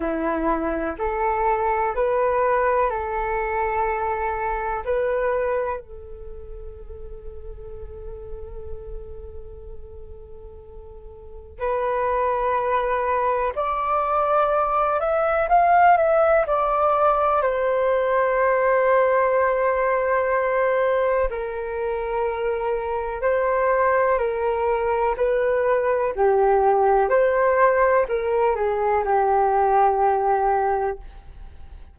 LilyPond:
\new Staff \with { instrumentName = "flute" } { \time 4/4 \tempo 4 = 62 e'4 a'4 b'4 a'4~ | a'4 b'4 a'2~ | a'1 | b'2 d''4. e''8 |
f''8 e''8 d''4 c''2~ | c''2 ais'2 | c''4 ais'4 b'4 g'4 | c''4 ais'8 gis'8 g'2 | }